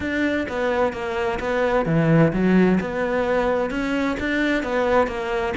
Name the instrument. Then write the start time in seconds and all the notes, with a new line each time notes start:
cello
0.00 D4
0.48 B3
0.92 A#3
1.39 B3
1.85 E3
2.32 F#3
2.80 B3
3.70 C#4
4.19 D4
4.63 B3
5.07 A#3